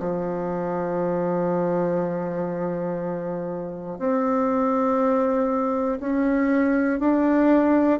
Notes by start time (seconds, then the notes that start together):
0.00 F3
3.99 C4
6.00 C#4
7.00 D4